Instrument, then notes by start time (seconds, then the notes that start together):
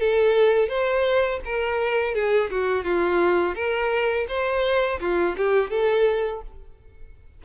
violin
0.00 A4
0.69 C5
1.45 A#4
2.15 G#4
2.50 F#4
2.84 F4
3.55 A#4
4.28 C5
5.00 F4
5.37 G4
5.70 A4